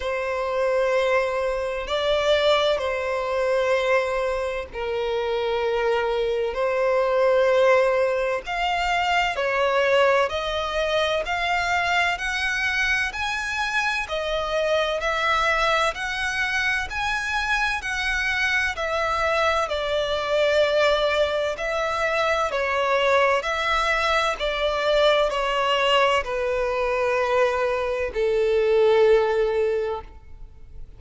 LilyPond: \new Staff \with { instrumentName = "violin" } { \time 4/4 \tempo 4 = 64 c''2 d''4 c''4~ | c''4 ais'2 c''4~ | c''4 f''4 cis''4 dis''4 | f''4 fis''4 gis''4 dis''4 |
e''4 fis''4 gis''4 fis''4 | e''4 d''2 e''4 | cis''4 e''4 d''4 cis''4 | b'2 a'2 | }